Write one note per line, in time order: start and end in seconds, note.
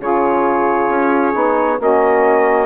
0.00 0.89 C#3
0.00 1.33 F4
0.00 1.79 G#4
0.00 1.82 C#5
0.89 1.34 C#4
1.33 1.80 B3
1.33 1.77 D#4
1.79 2.66 A#3
1.79 2.66 C#4
1.79 2.66 F#4
1.79 2.66 D#5